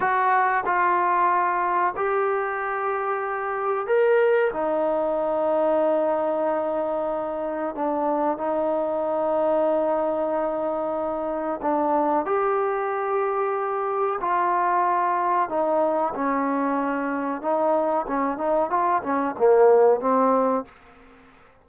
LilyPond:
\new Staff \with { instrumentName = "trombone" } { \time 4/4 \tempo 4 = 93 fis'4 f'2 g'4~ | g'2 ais'4 dis'4~ | dis'1 | d'4 dis'2.~ |
dis'2 d'4 g'4~ | g'2 f'2 | dis'4 cis'2 dis'4 | cis'8 dis'8 f'8 cis'8 ais4 c'4 | }